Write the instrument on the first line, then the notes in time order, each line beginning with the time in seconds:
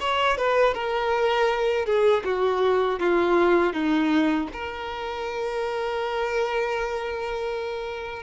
violin
0.00 C#5
0.37 B4
0.74 A#4
1.86 G#4
2.25 F#4
3.00 F4
3.74 D#4
4.53 A#4